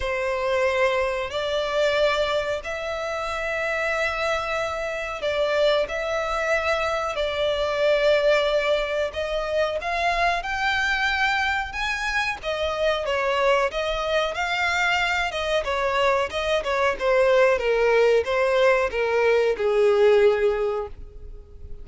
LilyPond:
\new Staff \with { instrumentName = "violin" } { \time 4/4 \tempo 4 = 92 c''2 d''2 | e''1 | d''4 e''2 d''4~ | d''2 dis''4 f''4 |
g''2 gis''4 dis''4 | cis''4 dis''4 f''4. dis''8 | cis''4 dis''8 cis''8 c''4 ais'4 | c''4 ais'4 gis'2 | }